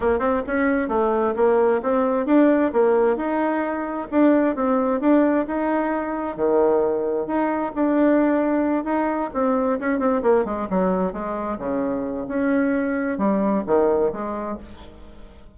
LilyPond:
\new Staff \with { instrumentName = "bassoon" } { \time 4/4 \tempo 4 = 132 ais8 c'8 cis'4 a4 ais4 | c'4 d'4 ais4 dis'4~ | dis'4 d'4 c'4 d'4 | dis'2 dis2 |
dis'4 d'2~ d'8 dis'8~ | dis'8 c'4 cis'8 c'8 ais8 gis8 fis8~ | fis8 gis4 cis4. cis'4~ | cis'4 g4 dis4 gis4 | }